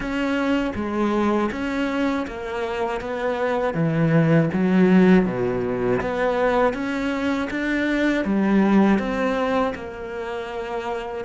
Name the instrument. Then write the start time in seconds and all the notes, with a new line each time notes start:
cello
0.00 C#4
0.75 G#3
1.51 C#4
2.27 A#3
3.00 B3
3.74 E3
4.53 F#3
5.25 B2
6.00 B3
6.73 C#4
7.50 D4
8.24 G3
8.98 C4
9.74 A#3